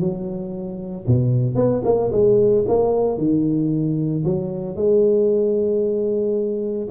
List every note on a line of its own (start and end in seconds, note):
0.00 1.06 F#3
1.07 1.56 B2
1.56 1.82 B3
1.85 2.11 A#3
2.12 2.65 G#3
2.68 3.18 A#3
3.18 4.24 D#3
4.26 4.76 F#3
4.76 6.89 G#3